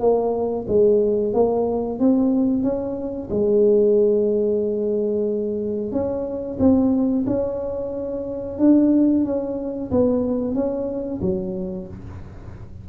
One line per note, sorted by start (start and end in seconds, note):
0.00 0.66 A#3
0.68 1.33 G#3
1.33 1.99 A#3
1.99 2.63 C4
2.63 3.29 C#4
3.30 5.92 G#3
5.92 6.58 C#4
6.59 7.25 C4
7.26 8.58 C#4
8.58 9.24 D4
9.25 9.91 C#4
9.91 10.55 B3
10.55 11.21 C#4
11.21 11.87 F#3